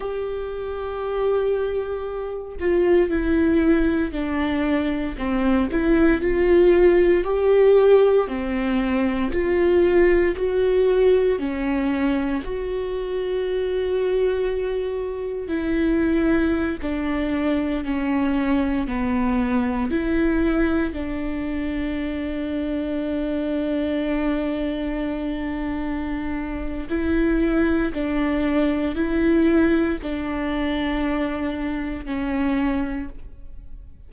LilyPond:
\new Staff \with { instrumentName = "viola" } { \time 4/4 \tempo 4 = 58 g'2~ g'8 f'8 e'4 | d'4 c'8 e'8 f'4 g'4 | c'4 f'4 fis'4 cis'4 | fis'2. e'4~ |
e'16 d'4 cis'4 b4 e'8.~ | e'16 d'2.~ d'8.~ | d'2 e'4 d'4 | e'4 d'2 cis'4 | }